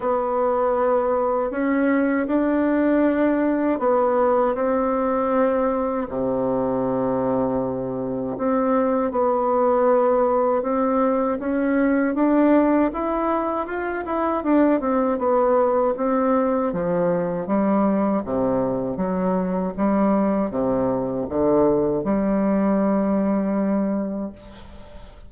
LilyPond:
\new Staff \with { instrumentName = "bassoon" } { \time 4/4 \tempo 4 = 79 b2 cis'4 d'4~ | d'4 b4 c'2 | c2. c'4 | b2 c'4 cis'4 |
d'4 e'4 f'8 e'8 d'8 c'8 | b4 c'4 f4 g4 | c4 fis4 g4 c4 | d4 g2. | }